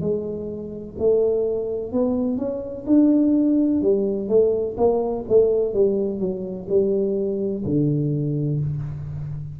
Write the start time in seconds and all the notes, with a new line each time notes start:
0.00 G#3
0.98 A3
1.91 B3
2.37 C#4
2.86 D4
3.81 G3
4.28 A3
4.77 A#3
5.28 A3
5.73 G3
6.19 F#3
6.68 G3
7.65 D3